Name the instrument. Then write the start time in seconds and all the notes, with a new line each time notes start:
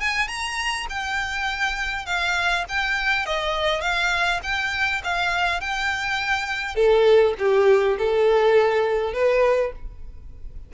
violin
0.00 G#5
0.28 A#5
0.89 G5
2.06 F5
2.68 G5
3.26 D#5
3.81 F5
4.43 G5
5.04 F5
5.60 G5
6.75 A4
7.38 G4
7.98 A4
9.13 B4